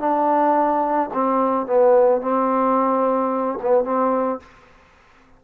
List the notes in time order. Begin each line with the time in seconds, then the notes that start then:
0.00 D4
1.14 C4
1.67 B3
2.22 C4
3.62 B3
3.85 C4